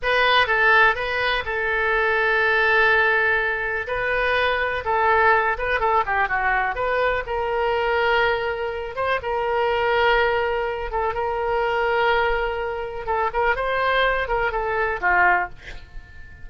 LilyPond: \new Staff \with { instrumentName = "oboe" } { \time 4/4 \tempo 4 = 124 b'4 a'4 b'4 a'4~ | a'1 | b'2 a'4. b'8 | a'8 g'8 fis'4 b'4 ais'4~ |
ais'2~ ais'8 c''8 ais'4~ | ais'2~ ais'8 a'8 ais'4~ | ais'2. a'8 ais'8 | c''4. ais'8 a'4 f'4 | }